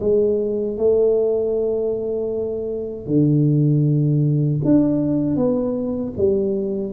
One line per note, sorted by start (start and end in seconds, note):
0.00 0.77 G#3
0.77 3.06 A3
3.06 4.60 D3
4.64 5.36 D4
5.36 6.13 B3
6.17 6.92 G3